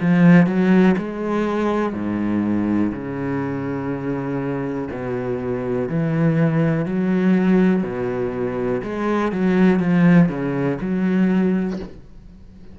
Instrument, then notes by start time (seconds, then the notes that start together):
cello
0.00 F3
0.46 F#3
0.97 G#3
1.93 G#2
2.92 C#3
4.91 B2
5.88 E3
6.85 F#3
7.83 B2
8.83 G#3
9.32 F#3
9.80 F3
10.28 C#3
10.81 F#3